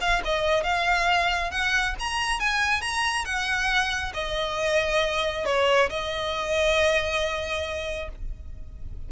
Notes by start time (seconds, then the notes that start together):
0.00 F5
0.24 D#5
0.63 F5
1.51 F#5
1.99 A#5
2.39 G#5
2.81 A#5
3.24 F#5
4.13 D#5
5.45 C#5
5.89 D#5